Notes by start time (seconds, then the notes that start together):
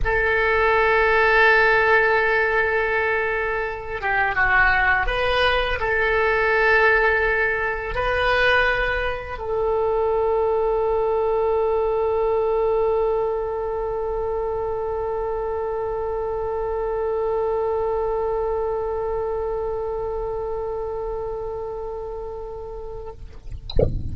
0.04 A4
4.01 G4
4.35 F#4
5.06 B4
5.80 A4
7.95 B4
9.38 A4